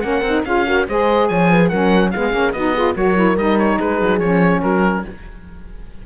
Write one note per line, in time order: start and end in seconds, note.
0.00 0.21 A#3
0.00 0.22 C#4
0.00 0.45 A#4
0.00 0.42 F#5
0.21 0.42 C4
0.21 0.46 D#4
0.44 0.87 C#4
0.44 0.65 F4
0.44 0.66 G#4
0.44 0.86 F5
0.65 0.86 F#4
0.65 0.87 A#4
0.88 1.30 G#3
0.88 1.71 G#4
0.88 1.29 C5
0.88 1.28 D#5
1.28 1.71 F3
1.28 1.50 C#5
1.28 1.68 G#5
1.50 1.68 B4
1.68 2.14 F#3
1.68 2.12 C#4
1.68 2.10 A#4
1.68 2.10 F#5
2.11 2.33 G#3
2.11 2.31 B3
2.11 2.55 G#4
2.11 2.52 F5
2.31 2.53 A#3
2.31 2.52 C#4
2.52 2.95 B3
2.52 2.75 D#4
2.52 2.73 F#4
2.52 2.94 D#5
2.73 2.94 F4
2.73 2.94 G#4
2.94 3.36 F#3
2.94 3.15 F#4
2.94 3.77 A#4
2.94 3.37 C#5
3.15 3.36 E4
3.36 3.78 G3
3.36 4.21 D#4
3.36 3.58 D#5
3.58 3.79 C#5
3.77 4.01 G#3
3.77 4.60 G#4
3.77 4.19 B4
4.01 4.19 F#3
4.19 4.61 F3
4.19 5.05 C#4
4.19 4.60 C#5
4.61 5.04 F#3
4.61 5.03 F#4
4.61 5.04 A#4